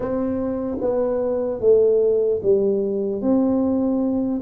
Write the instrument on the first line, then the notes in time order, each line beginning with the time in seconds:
tuba
0.00 C4
0.80 B3
1.60 A3
2.42 G3
3.21 C4